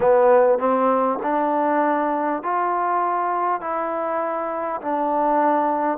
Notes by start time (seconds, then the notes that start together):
0.00 B3
0.58 C4
1.22 D4
2.42 F4
3.60 E4
4.81 D4